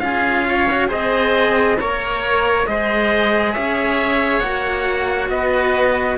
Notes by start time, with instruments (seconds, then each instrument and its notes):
0.00 cello C#4 F4, oboe G#4, trumpet F5
0.49 oboe C#5
0.71 cello F#4
0.88 cello C4 G#4, oboe C5, trumpet D#5
1.79 cello A#3 A#4, oboe C#5, trumpet C#5
2.67 cello G#3 G#4, oboe C5, trumpet D#5
3.53 cello C#4, oboe C#5, trumpet E5
4.40 cello A#3 F#4, trumpet F#5
5.29 cello B3, oboe B4, trumpet D#5